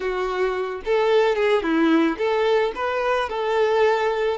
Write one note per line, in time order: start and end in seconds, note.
0.00 0.81 F#4
0.85 1.35 A4
1.35 1.62 G#4
1.62 2.17 E4
2.18 2.72 A4
2.75 3.29 B4
3.29 4.37 A4